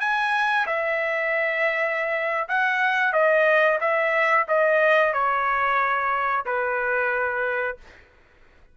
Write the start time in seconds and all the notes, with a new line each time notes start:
0.00 G#5
0.67 E5
2.48 F#5
3.13 D#5
3.80 E5
4.48 D#5
5.13 C#5
6.46 B4